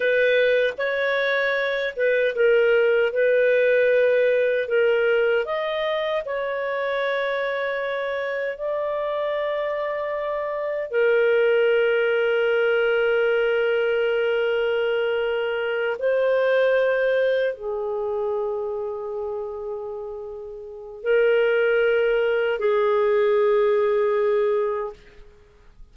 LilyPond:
\new Staff \with { instrumentName = "clarinet" } { \time 4/4 \tempo 4 = 77 b'4 cis''4. b'8 ais'4 | b'2 ais'4 dis''4 | cis''2. d''4~ | d''2 ais'2~ |
ais'1~ | ais'8 c''2 gis'4.~ | gis'2. ais'4~ | ais'4 gis'2. | }